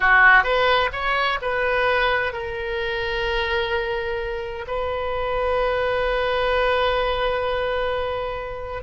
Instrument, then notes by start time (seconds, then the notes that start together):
oboe
0.00 F#4
0.43 B4
0.92 C#5
1.41 B4
2.33 A#4
4.67 B4